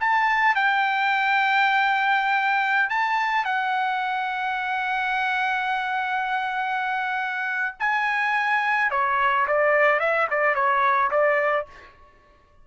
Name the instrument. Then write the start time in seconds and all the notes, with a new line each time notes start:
trumpet
0.00 A5
0.55 G5
2.90 A5
3.45 F#5
7.80 G#5
8.91 C#5
9.47 D5
10.00 E5
10.30 D5
10.55 C#5
11.11 D5